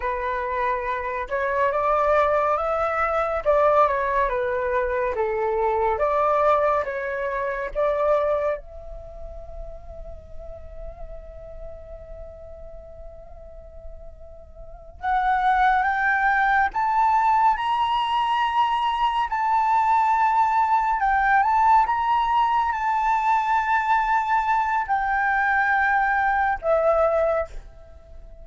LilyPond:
\new Staff \with { instrumentName = "flute" } { \time 4/4 \tempo 4 = 70 b'4. cis''8 d''4 e''4 | d''8 cis''8 b'4 a'4 d''4 | cis''4 d''4 e''2~ | e''1~ |
e''4. fis''4 g''4 a''8~ | a''8 ais''2 a''4.~ | a''8 g''8 a''8 ais''4 a''4.~ | a''4 g''2 e''4 | }